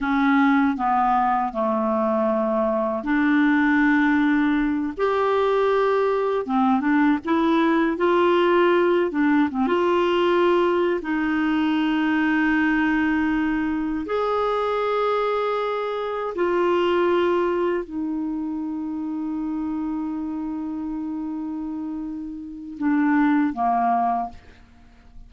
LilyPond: \new Staff \with { instrumentName = "clarinet" } { \time 4/4 \tempo 4 = 79 cis'4 b4 a2 | d'2~ d'8 g'4.~ | g'8 c'8 d'8 e'4 f'4. | d'8 c'16 f'4.~ f'16 dis'4.~ |
dis'2~ dis'8 gis'4.~ | gis'4. f'2 dis'8~ | dis'1~ | dis'2 d'4 ais4 | }